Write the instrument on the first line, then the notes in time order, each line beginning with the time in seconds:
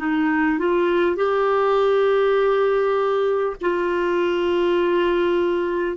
clarinet
0.00 D#4
0.59 F4
1.17 G4
3.62 F4